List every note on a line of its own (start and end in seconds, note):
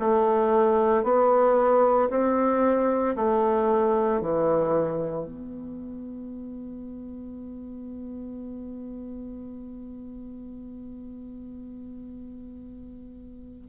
0.00 1.04 A3
1.04 2.10 B3
2.11 3.16 C4
3.16 4.22 A3
4.22 5.25 E3
5.25 13.67 B3